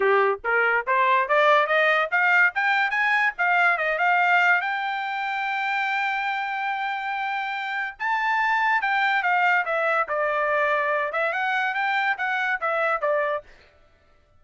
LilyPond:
\new Staff \with { instrumentName = "trumpet" } { \time 4/4 \tempo 4 = 143 g'4 ais'4 c''4 d''4 | dis''4 f''4 g''4 gis''4 | f''4 dis''8 f''4. g''4~ | g''1~ |
g''2. a''4~ | a''4 g''4 f''4 e''4 | d''2~ d''8 e''8 fis''4 | g''4 fis''4 e''4 d''4 | }